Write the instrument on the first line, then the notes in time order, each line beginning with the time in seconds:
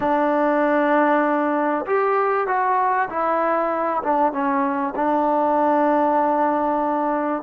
trombone
0.00 D4
1.86 G4
2.47 F#4
3.09 E4
4.03 D4
4.32 C#4
4.95 D4